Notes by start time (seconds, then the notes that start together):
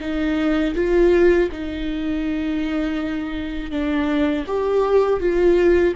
0.00 D#4
0.75 F4
1.52 D#4
3.71 D4
4.47 G4
5.20 F4